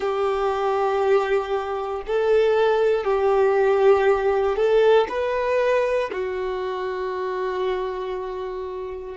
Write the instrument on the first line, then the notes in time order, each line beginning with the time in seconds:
violin
0.00 G4
2.06 A4
3.04 G4
4.56 A4
5.08 B4
6.12 F#4